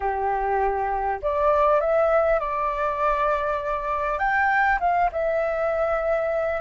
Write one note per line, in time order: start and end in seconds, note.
0.00 1.20 G4
1.22 1.80 D5
1.80 2.39 E5
2.39 4.18 D5
4.18 4.78 G5
4.80 5.10 F5
5.12 6.61 E5